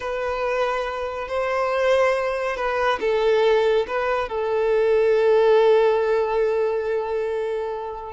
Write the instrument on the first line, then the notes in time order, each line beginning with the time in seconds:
violin
0.00 B4
1.27 C5
2.56 B4
3.00 A4
3.87 B4
4.28 A4